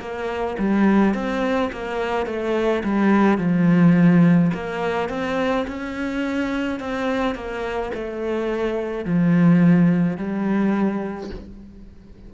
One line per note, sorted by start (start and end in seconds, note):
0.00 0.57 A#3
0.59 1.14 G3
1.14 1.71 C4
1.72 2.26 A#3
2.26 2.83 A3
2.84 3.38 G3
3.38 4.51 F3
4.54 5.09 A#3
5.09 5.66 C4
5.68 6.80 C#4
6.80 7.35 C4
7.35 7.91 A#3
7.94 9.05 A3
9.05 10.17 F3
10.17 11.30 G3